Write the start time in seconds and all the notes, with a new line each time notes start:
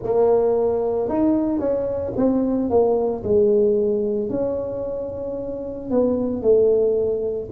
0.02 A#3
1.09 D#4
1.59 C#4
2.16 C4
2.69 A#3
3.23 G#3
4.29 C#4
5.90 B3
6.41 A3